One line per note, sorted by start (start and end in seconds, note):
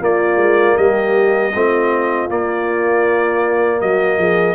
0.00 1.52 A#3
0.00 0.36 A#3
0.00 0.76 F4
0.00 0.77 D5
0.36 0.74 G#3
0.76 1.54 G3
0.76 1.52 G4
0.76 2.29 D#5
1.53 2.29 A3
1.53 2.29 C4
1.53 3.80 F4
2.29 3.81 A#3
2.29 4.55 A#3
2.29 3.81 D5
3.80 4.17 F#3
3.80 4.18 F#4
3.80 4.55 D#5
4.17 4.55 F3
4.17 4.55 G#4